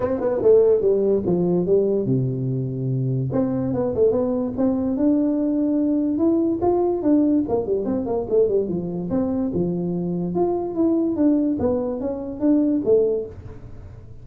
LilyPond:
\new Staff \with { instrumentName = "tuba" } { \time 4/4 \tempo 4 = 145 c'8 b8 a4 g4 f4 | g4 c2. | c'4 b8 a8 b4 c'4 | d'2. e'4 |
f'4 d'4 ais8 g8 c'8 ais8 | a8 g8 f4 c'4 f4~ | f4 f'4 e'4 d'4 | b4 cis'4 d'4 a4 | }